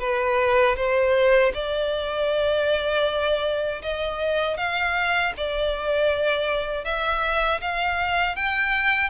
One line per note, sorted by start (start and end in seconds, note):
0.00 0.76 B4
0.76 1.52 C5
1.54 3.82 D5
3.83 4.57 D#5
4.57 5.33 F5
5.37 6.85 D5
6.85 7.61 E5
7.61 8.36 F5
8.36 9.10 G5